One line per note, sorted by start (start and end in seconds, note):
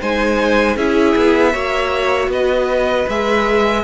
0.00 0.76 G#3
0.00 0.77 D#4
0.00 0.77 C5
0.00 0.77 G#5
0.76 1.15 C#4
0.76 1.54 E4
0.76 1.53 G#4
0.76 2.31 E5
1.16 1.54 B3
1.53 2.28 A#3
1.53 3.08 F#4
1.53 2.30 C#5
2.28 3.05 B3
2.28 3.84 B4
2.28 3.09 D#5
3.08 3.84 G#3
3.08 3.84 G#4
3.08 3.84 E5